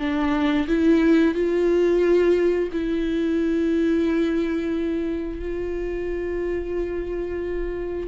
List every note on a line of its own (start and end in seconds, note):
0.00 0.67 D4
0.68 1.35 E4
1.35 2.70 F4
2.73 5.40 E4
5.40 8.08 F4